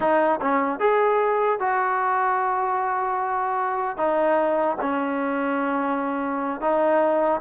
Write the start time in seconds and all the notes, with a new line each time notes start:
0.00 D#4
0.41 C#4
0.79 G#4
1.59 F#4
3.97 D#4
4.81 C#4
6.60 D#4